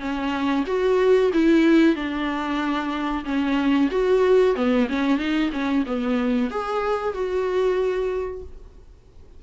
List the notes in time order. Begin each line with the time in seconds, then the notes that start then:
0.00 C#4
0.67 F#4
1.34 E4
1.96 D4
3.25 C#4
3.91 F#4
4.56 B3
4.89 C#4
5.18 D#4
5.52 C#4
5.87 B3
6.51 G#4
7.14 F#4